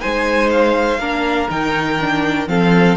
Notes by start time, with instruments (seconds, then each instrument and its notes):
0.00 cello G#3, viola D#4, violin C5 G#5
0.51 violin F5
0.99 cello A#3, viola D4, violin A#4
1.50 cello D#3, viola D#4, violin G5
2.01 viola D4
2.47 cello F3, viola C4, violin A4 F5